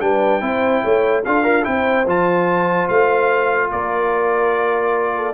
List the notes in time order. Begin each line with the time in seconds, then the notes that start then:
0.00 G3 D4 B4 G5
0.40 C4 E4 C5
0.83 A3 C#5
1.24 D4 F4 A4 F5
1.43 F4 A#4
1.63 C4 E4 C5 G5
2.06 F3 F4 A5
2.88 A3 F5
3.71 A#3 A#4 D5
5.16 A4